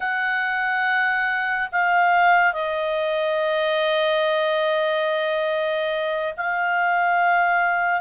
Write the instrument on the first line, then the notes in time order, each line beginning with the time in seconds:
clarinet
0.00 F#5
1.72 F5
2.53 D#5
6.36 F5